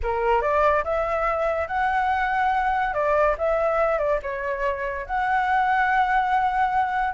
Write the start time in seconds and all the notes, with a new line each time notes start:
0.02 A#4
0.41 D5
0.84 E5
1.67 F#5
2.93 D5
3.37 E5
3.98 D5
4.22 C#5
5.06 F#5